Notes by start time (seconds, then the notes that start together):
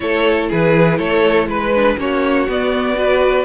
0.00 A3 E4 A4 C#5
0.49 E3 G#4 B4
0.97 A3 A4 C#5
1.46 G#3 B4
1.74 D4
1.98 A#3 C#4 F#4 C#5
2.48 B3 D5
2.95 F#4 B4